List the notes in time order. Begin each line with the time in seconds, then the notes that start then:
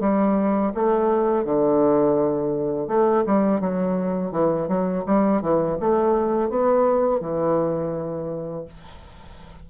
0.00 G3
0.74 A3
1.45 D3
2.88 A3
3.26 G3
3.60 F#3
4.31 E3
4.68 F#3
5.06 G3
5.42 E3
5.80 A3
6.50 B3
7.20 E3